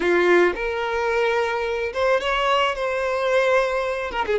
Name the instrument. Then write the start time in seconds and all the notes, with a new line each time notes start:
violin
0.00 F4
0.55 A#4
1.93 C5
2.20 C#5
2.75 C5
4.11 A#4
4.26 G#4